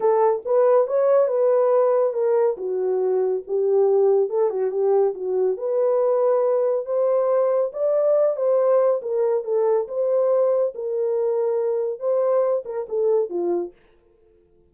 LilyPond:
\new Staff \with { instrumentName = "horn" } { \time 4/4 \tempo 4 = 140 a'4 b'4 cis''4 b'4~ | b'4 ais'4 fis'2 | g'2 a'8 fis'8 g'4 | fis'4 b'2. |
c''2 d''4. c''8~ | c''4 ais'4 a'4 c''4~ | c''4 ais'2. | c''4. ais'8 a'4 f'4 | }